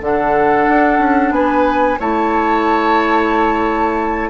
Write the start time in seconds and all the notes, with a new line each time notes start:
0.00 D3 D4 A4 F#5
0.68 D4
0.99 C#4
1.31 B3 B4 G#5
1.99 A3 E4 C#5 A5